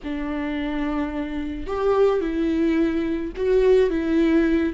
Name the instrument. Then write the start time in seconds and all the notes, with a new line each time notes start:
viola
0.03 D4
1.66 G4
2.20 E4
3.36 F#4
3.90 E4